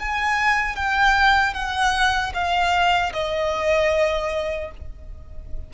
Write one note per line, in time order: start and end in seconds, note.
0.00 0.76 G#5
0.76 1.54 G5
1.54 2.33 F#5
2.34 3.13 F5
3.14 4.72 D#5